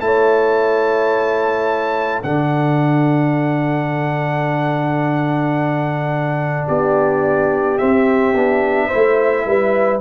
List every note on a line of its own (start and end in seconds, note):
0.00 2.23 A3
0.00 2.23 E4
0.00 2.24 C#5
0.00 2.22 A5
2.23 6.68 D3
2.23 7.78 D4
2.23 6.67 A4
2.23 6.68 F#5
6.67 7.80 B3
6.67 8.87 G4
6.67 7.78 D5
7.78 8.34 C4
7.78 10.00 E5
8.34 8.90 B3
8.34 8.91 D4
8.87 10.01 E4
8.87 9.43 C5
8.95 9.46 A3
9.46 10.01 G3
9.46 10.01 B4